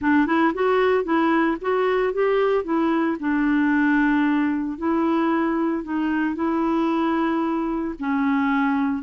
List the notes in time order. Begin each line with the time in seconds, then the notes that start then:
0.01 D4
0.26 E4
0.54 F#4
1.04 E4
1.61 F#4
2.13 G4
2.64 E4
3.19 D4
4.78 E4
5.83 D#4
6.35 E4
7.99 C#4